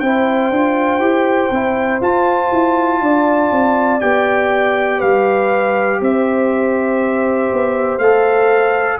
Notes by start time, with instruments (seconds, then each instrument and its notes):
0.00 tuba C4, trombone E4, horn C5, trumpet G5
0.51 tuba D4, trombone F4
1.00 tuba E4, trombone G4
1.51 tuba C4, trombone E4
2.01 trombone F4, tuba F4, trumpet A5
2.52 tuba E4
3.01 tuba D4, horn D5
3.52 tuba C4
4.01 tuba B3, trombone G4, trumpet G5
4.98 tuba G3, horn B4, trumpet F5
6.01 tuba C4, horn C5, trumpet E5
7.53 tuba B3
7.98 tuba A3, trombone A4, trumpet F5